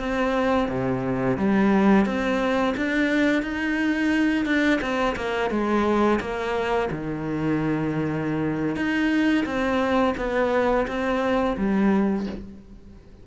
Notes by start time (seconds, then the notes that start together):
0.00 C4
0.69 C3
1.37 G3
2.06 C4
2.77 D4
3.43 D#4
4.46 D4
4.82 C4
5.16 A#3
5.51 G#3
6.21 A#3
6.92 D#3
8.76 D#4
9.46 C4
10.18 B3
10.88 C4
11.58 G3